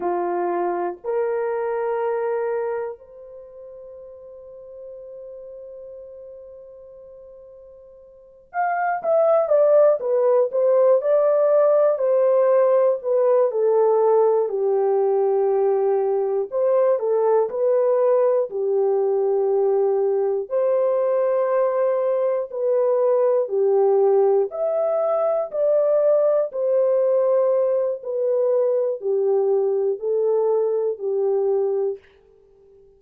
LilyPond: \new Staff \with { instrumentName = "horn" } { \time 4/4 \tempo 4 = 60 f'4 ais'2 c''4~ | c''1~ | c''8 f''8 e''8 d''8 b'8 c''8 d''4 | c''4 b'8 a'4 g'4.~ |
g'8 c''8 a'8 b'4 g'4.~ | g'8 c''2 b'4 g'8~ | g'8 e''4 d''4 c''4. | b'4 g'4 a'4 g'4 | }